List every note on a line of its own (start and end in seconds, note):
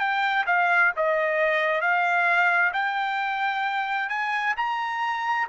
0.00 0.45 G5
0.47 0.92 F5
0.97 1.81 D#5
1.81 2.72 F5
2.74 4.10 G5
4.10 4.55 G#5
4.57 5.48 A#5